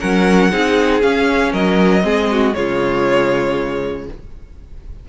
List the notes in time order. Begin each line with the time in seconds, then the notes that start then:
0.00 F#3 C#4 A#4 F#5
0.51 C4 D#4 G#4
1.02 C#4 F5
1.52 F#3 A#4 D#5
2.02 G#3 C4 G#4
2.31 F#4
2.54 C#3 G#3 F4 C#5